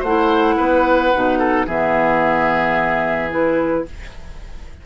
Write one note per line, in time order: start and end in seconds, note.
0.00 0.57 A3
0.00 0.55 C5
0.00 1.67 F#5
0.06 1.13 E4
0.57 1.13 B3
0.57 1.39 B4
1.13 1.67 B2
1.13 1.67 D#4
1.39 1.66 A4
1.66 3.85 E3
1.66 3.30 B3
1.66 3.84 G#4
1.66 3.31 E5
3.30 3.85 E4
3.30 3.86 B4